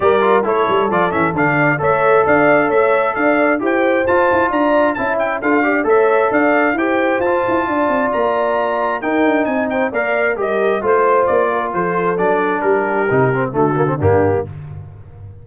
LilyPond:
<<
  \new Staff \with { instrumentName = "trumpet" } { \time 4/4 \tempo 4 = 133 d''4 cis''4 d''8 e''8 f''4 | e''4 f''4 e''4 f''4 | g''4 a''4 ais''4 a''8 g''8 | f''4 e''4 f''4 g''4 |
a''2 ais''2 | g''4 gis''8 g''8 f''4 dis''4 | c''4 d''4 c''4 d''4 | ais'2 a'4 g'4 | }
  \new Staff \with { instrumentName = "horn" } { \time 4/4 ais'4 a'2~ a'8 d''8 | cis''4 d''4 cis''4 d''4 | c''2 d''4 e''4 | a'8 d''8 cis''4 d''4 c''4~ |
c''4 d''2. | ais'4 dis''8 c''8 d''4 ais'4 | c''4. ais'8 a'2 | g'2 fis'4 d'4 | }
  \new Staff \with { instrumentName = "trombone" } { \time 4/4 g'8 f'8 e'4 f'8 cis'8 d'4 | a'1 | g'4 f'2 e'4 | f'8 g'8 a'2 g'4 |
f'1 | dis'2 ais'4 g'4 | f'2. d'4~ | d'4 dis'8 c'8 a8 ais16 c'16 ais4 | }
  \new Staff \with { instrumentName = "tuba" } { \time 4/4 g4 a8 g8 f8 e8 d4 | a4 d'4 a4 d'4 | e'4 f'8 e'8 d'4 cis'4 | d'4 a4 d'4 e'4 |
f'8 e'8 d'8 c'8 ais2 | dis'8 d'8 c'4 ais4 g4 | a4 ais4 f4 fis4 | g4 c4 d4 g,4 | }
>>